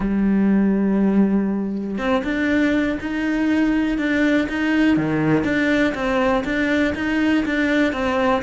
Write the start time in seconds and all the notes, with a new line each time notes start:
0.00 G3
1.97 C4
2.24 D4
3.00 D#4
3.98 D4
4.49 D#4
4.97 D#3
5.44 D4
5.94 C4
6.44 D4
6.94 D#4
7.45 D4
7.92 C4